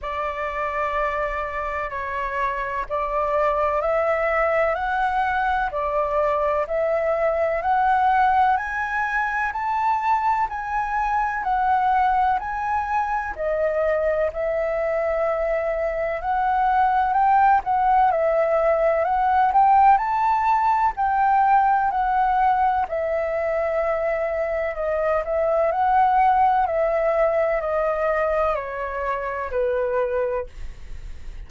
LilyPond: \new Staff \with { instrumentName = "flute" } { \time 4/4 \tempo 4 = 63 d''2 cis''4 d''4 | e''4 fis''4 d''4 e''4 | fis''4 gis''4 a''4 gis''4 | fis''4 gis''4 dis''4 e''4~ |
e''4 fis''4 g''8 fis''8 e''4 | fis''8 g''8 a''4 g''4 fis''4 | e''2 dis''8 e''8 fis''4 | e''4 dis''4 cis''4 b'4 | }